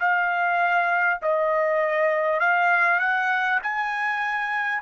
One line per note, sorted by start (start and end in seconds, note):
0.00 1.20 F5
1.22 2.40 D#5
2.40 3.00 F5
3.00 3.60 F#5
3.63 4.82 G#5